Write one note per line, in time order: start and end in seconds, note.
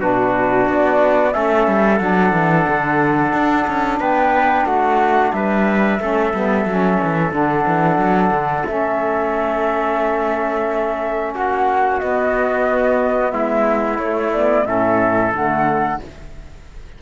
0.00 0.67 B2
0.00 1.31 D4
0.00 1.34 F#4
0.00 0.67 B4
0.68 1.35 B3
0.68 1.33 D5
1.31 1.67 A3
1.31 1.97 C#4
1.31 4.00 A4
1.31 1.98 E5
1.67 2.00 G3
1.98 2.32 F#3
1.98 5.99 D4
1.98 3.98 F#5
2.32 2.66 E3
2.68 3.33 D3
3.33 3.66 D4
3.67 4.00 C#4
4.00 4.66 B3
4.00 4.66 B4
4.00 4.66 G5
4.66 5.32 A3
4.66 5.33 F#4
4.66 5.32 F#5
5.32 6.00 G3
5.32 6.01 B4
5.32 7.32 E5
6.00 6.33 A3
6.00 6.33 C#4
6.00 11.34 A4
6.34 6.65 G3
6.34 6.67 B3
6.65 6.99 F#3
6.65 7.32 C#4
7.03 7.32 E3
7.32 7.65 D3
7.32 8.66 D4
7.32 8.66 F#5
7.67 7.98 E3
7.98 8.30 F#3
8.30 8.64 D3
8.66 11.35 A3
8.66 12.00 C#4
8.66 11.33 E5
11.34 12.01 A#3
11.34 13.34 F#4
11.34 11.99 F#5
11.99 14.00 B3
11.99 13.33 B3
11.99 13.31 D#5
13.31 13.98 G#3
13.31 14.67 E4
13.31 13.97 E5
13.98 14.65 A3
13.98 14.33 A3
13.98 14.31 C#5
14.33 14.65 B3
14.33 14.66 D5
14.65 15.32 A2
14.65 15.32 C#4
14.65 16.02 A4
14.65 15.32 E5
15.33 16.00 D3
15.33 16.00 A3
15.33 16.02 F#5